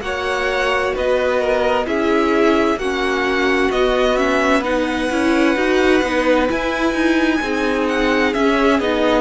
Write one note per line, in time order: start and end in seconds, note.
0.00 0.92 A#3
0.00 1.85 F#4
0.00 0.94 C#5
0.00 0.93 F#5
0.94 1.86 B3
0.94 1.39 B4
0.94 1.86 D#5
1.39 1.86 A#4
1.85 2.75 C#4
1.85 2.77 E4
1.85 2.79 G#4
1.85 2.78 E5
2.75 3.68 A#3
2.75 4.60 F#4
2.75 3.71 F#5
2.82 3.72 C#4
3.71 5.10 B3
3.71 4.16 B3
3.71 4.17 D#5
4.16 4.62 C#4
4.16 4.63 E5
4.60 5.09 D#4
4.60 7.37 B4
4.60 6.47 F#5
5.10 5.55 C#4
5.10 5.56 E4
5.55 6.02 D#4
5.55 6.02 F#4
6.02 6.48 B3
6.02 6.48 D#4
6.48 7.40 E4
6.48 6.93 E4
6.48 7.88 G#5
6.93 7.40 D#4
7.41 8.33 C4
7.41 8.34 D#4
7.41 9.21 G#4
7.88 8.33 F#5
8.33 8.80 C#4
8.33 8.79 C#4
8.33 8.79 E5
8.79 9.21 B3
8.79 9.21 D#4
8.79 9.21 D#5